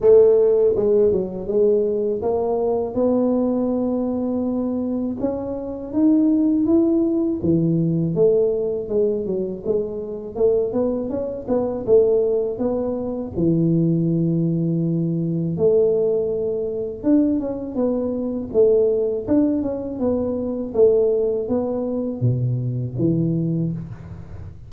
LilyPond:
\new Staff \with { instrumentName = "tuba" } { \time 4/4 \tempo 4 = 81 a4 gis8 fis8 gis4 ais4 | b2. cis'4 | dis'4 e'4 e4 a4 | gis8 fis8 gis4 a8 b8 cis'8 b8 |
a4 b4 e2~ | e4 a2 d'8 cis'8 | b4 a4 d'8 cis'8 b4 | a4 b4 b,4 e4 | }